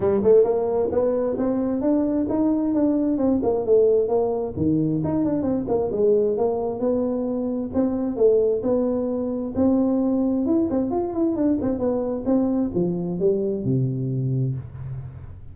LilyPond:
\new Staff \with { instrumentName = "tuba" } { \time 4/4 \tempo 4 = 132 g8 a8 ais4 b4 c'4 | d'4 dis'4 d'4 c'8 ais8 | a4 ais4 dis4 dis'8 d'8 | c'8 ais8 gis4 ais4 b4~ |
b4 c'4 a4 b4~ | b4 c'2 e'8 c'8 | f'8 e'8 d'8 c'8 b4 c'4 | f4 g4 c2 | }